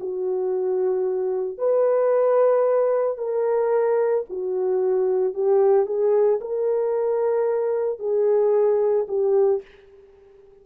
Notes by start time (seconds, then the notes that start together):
0.00 F#4
1.58 B4
3.18 A#4
4.30 F#4
5.34 G4
5.86 G#4
6.40 A#4
7.99 G#4
9.08 G4